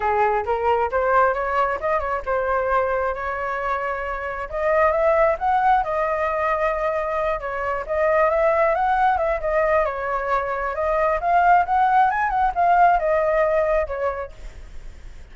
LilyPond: \new Staff \with { instrumentName = "flute" } { \time 4/4 \tempo 4 = 134 gis'4 ais'4 c''4 cis''4 | dis''8 cis''8 c''2 cis''4~ | cis''2 dis''4 e''4 | fis''4 dis''2.~ |
dis''8 cis''4 dis''4 e''4 fis''8~ | fis''8 e''8 dis''4 cis''2 | dis''4 f''4 fis''4 gis''8 fis''8 | f''4 dis''2 cis''4 | }